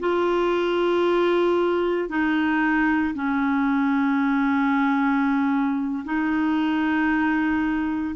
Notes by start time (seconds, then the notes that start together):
0.00 F4
2.09 D#4
3.15 C#4
6.05 D#4